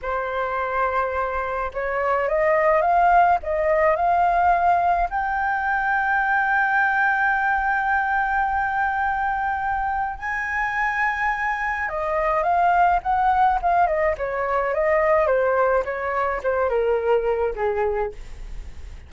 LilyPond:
\new Staff \with { instrumentName = "flute" } { \time 4/4 \tempo 4 = 106 c''2. cis''4 | dis''4 f''4 dis''4 f''4~ | f''4 g''2.~ | g''1~ |
g''2 gis''2~ | gis''4 dis''4 f''4 fis''4 | f''8 dis''8 cis''4 dis''4 c''4 | cis''4 c''8 ais'4. gis'4 | }